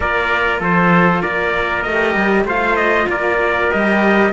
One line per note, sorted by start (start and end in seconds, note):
0.00 0.60 A#3
0.00 1.87 F4
0.00 0.60 A#4
0.00 0.62 D5
0.60 1.22 F3
0.60 1.21 A4
0.60 1.22 C5
1.21 1.85 A#3
1.21 2.45 A#4
1.21 1.82 D5
1.82 2.14 A3
1.82 2.44 D#5
1.89 2.48 G4
2.14 2.44 G3
2.44 3.06 A3
2.44 3.71 F4
2.44 3.08 C5
2.44 2.76 F5
2.76 3.07 D#5
3.08 3.70 A#3
3.08 4.32 A#4
3.08 3.72 D5
3.71 4.32 G3
3.71 4.32 G4
3.71 4.32 D#5